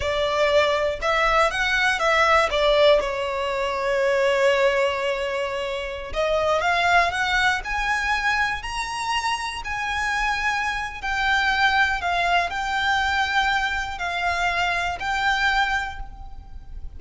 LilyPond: \new Staff \with { instrumentName = "violin" } { \time 4/4 \tempo 4 = 120 d''2 e''4 fis''4 | e''4 d''4 cis''2~ | cis''1~ | cis''16 dis''4 f''4 fis''4 gis''8.~ |
gis''4~ gis''16 ais''2 gis''8.~ | gis''2 g''2 | f''4 g''2. | f''2 g''2 | }